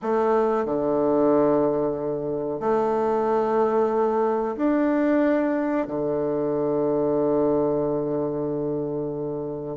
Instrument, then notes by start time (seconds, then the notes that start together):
bassoon
0.01 A3
0.65 D3
2.60 A3
4.57 D4
5.87 D3